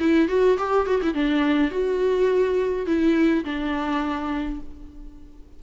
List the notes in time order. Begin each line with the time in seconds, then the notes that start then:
0.00 E4
0.29 F#4
0.58 G4
0.87 F#4
1.03 E4
1.14 D4
1.71 F#4
2.87 E4
3.45 D4